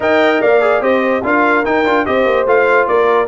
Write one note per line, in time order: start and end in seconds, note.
0.00 0.41 D#4
0.00 0.61 A#4
0.00 0.41 D#5
0.00 0.41 G5
0.41 0.80 A#3
0.41 0.82 D5
0.41 0.82 F5
0.61 0.81 G#4
0.80 1.21 C4
0.80 1.22 G4
0.80 1.23 C5
0.80 1.23 D#5
1.23 1.64 D4
1.23 1.64 F4
1.23 2.07 A#4
1.23 1.65 F5
1.64 1.85 D#4
1.64 2.05 G5
1.85 2.06 D4
1.85 2.05 F4
2.05 2.25 C4
2.05 2.46 G4
2.05 2.88 C5
2.05 2.46 D#5
2.25 2.45 A#3
2.45 2.86 A3
2.45 3.27 F4
2.45 2.87 F5
2.87 3.27 A#3
2.87 3.27 A#4
2.87 3.27 D5